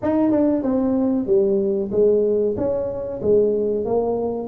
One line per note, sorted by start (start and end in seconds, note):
0.02 0.30 D#4
0.30 0.62 D4
0.62 1.26 C4
1.26 1.90 G3
1.91 2.55 G#3
2.57 3.21 C#4
3.22 3.85 G#3
3.85 4.48 A#3